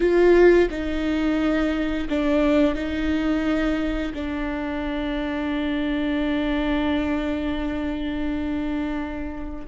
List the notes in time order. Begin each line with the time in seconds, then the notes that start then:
0.00 F4
0.70 D#4
2.09 D4
2.75 D#4
4.14 D4